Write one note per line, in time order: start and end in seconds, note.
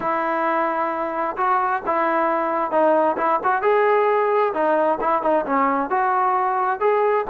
0.00 1.36 E4
1.37 1.82 F#4
1.86 2.71 E4
2.71 3.16 D#4
3.17 3.39 E4
3.43 3.62 F#4
3.62 4.53 G#4
4.53 4.99 D#4
5.00 5.22 E4
5.22 5.45 D#4
5.45 5.90 C#4
5.90 6.80 F#4
6.80 7.25 G#4